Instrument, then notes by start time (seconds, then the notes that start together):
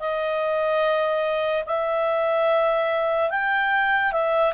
clarinet
0.00 D#5
1.66 E5
3.30 G5
4.12 E5